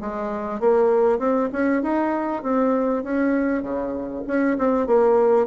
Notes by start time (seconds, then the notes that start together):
0.00 G#3
0.60 A#3
1.18 C4
1.52 C#4
1.82 D#4
2.43 C4
3.03 C#4
3.62 C#3
4.27 C#4
4.58 C4
4.87 A#3